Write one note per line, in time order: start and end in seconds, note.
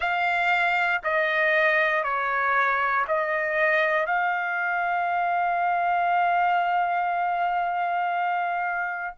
0.00 1.01 F5
1.04 2.03 D#5
2.03 3.05 C#5
3.07 4.06 D#5
4.06 9.14 F5